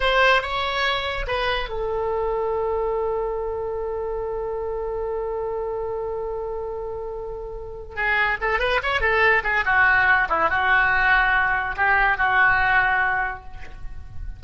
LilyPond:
\new Staff \with { instrumentName = "oboe" } { \time 4/4 \tempo 4 = 143 c''4 cis''2 b'4 | a'1~ | a'1~ | a'1~ |
a'2. gis'4 | a'8 b'8 cis''8 a'4 gis'8 fis'4~ | fis'8 e'8 fis'2. | g'4 fis'2. | }